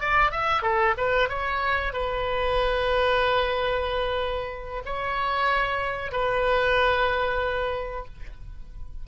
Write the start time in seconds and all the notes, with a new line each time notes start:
0.00 D5
0.32 E5
0.62 A4
0.98 B4
1.29 C#5
1.93 B4
4.85 C#5
6.12 B4